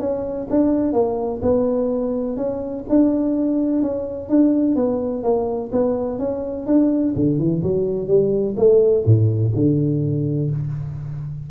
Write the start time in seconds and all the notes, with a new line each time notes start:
0.00 C#4
0.50 D4
0.93 A#3
1.42 B3
2.37 C#4
2.89 D4
3.82 C#4
4.29 D4
4.76 B3
5.23 A#3
5.72 B3
6.19 C#4
6.67 D4
7.16 D3
7.39 E3
7.63 F#3
8.08 G3
8.57 A3
9.06 A2
9.55 D3